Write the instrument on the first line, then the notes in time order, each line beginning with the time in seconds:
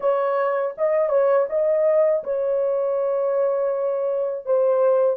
horn
0.00 C#5
0.77 D#5
1.09 C#5
1.49 D#5
2.23 C#5
4.45 C5